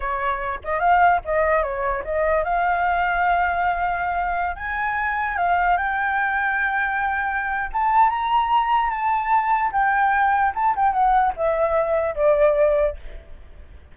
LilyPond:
\new Staff \with { instrumentName = "flute" } { \time 4/4 \tempo 4 = 148 cis''4. dis''8 f''4 dis''4 | cis''4 dis''4 f''2~ | f''2.~ f''16 gis''8.~ | gis''4~ gis''16 f''4 g''4.~ g''16~ |
g''2. a''4 | ais''2 a''2 | g''2 a''8 g''8 fis''4 | e''2 d''2 | }